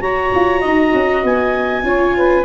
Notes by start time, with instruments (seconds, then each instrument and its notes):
0.00 tuba F#4, viola F#4, saxophone C#5, clarinet A#5
0.35 tuba F4
0.60 tuba D#4, saxophone D#5
0.93 tuba C#4
1.23 tuba B3, clarinet G#5
1.83 tuba C#4, viola F4, saxophone C#5
2.16 saxophone B4